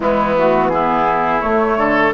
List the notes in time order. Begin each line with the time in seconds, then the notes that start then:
0.00 E3 G#3 B3 E4
0.37 A3 F#4
0.69 B3 E4 G#4
1.41 A3 C#5
1.77 D3 A4